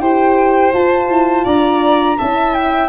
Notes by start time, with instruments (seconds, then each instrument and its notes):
0.00 tuba E4, horn G4, violin C5, flute G5
0.73 tuba F4, horn F4, flute A5
1.09 tuba E4
1.44 tuba D4, violin D5, flute A#5
2.18 tuba C#4, horn E4, violin E5, flute A5
2.54 flute G5